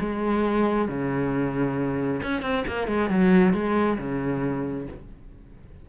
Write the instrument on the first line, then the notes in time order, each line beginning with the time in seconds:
cello
0.00 G#3
0.88 C#3
2.23 C#4
2.42 C4
2.68 A#3
2.88 G#3
3.10 F#3
3.54 G#3
3.98 C#3